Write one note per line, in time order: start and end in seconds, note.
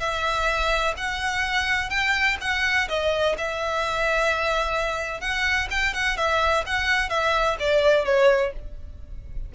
0.00 0.94 E5
0.97 1.90 F#5
1.90 2.37 G5
2.41 2.88 F#5
2.89 3.36 D#5
3.38 5.21 E5
5.21 5.68 F#5
5.71 5.94 G5
5.94 6.17 F#5
6.17 6.64 E5
6.67 7.09 F#5
7.09 7.57 E5
7.60 8.05 D5
8.05 8.53 C#5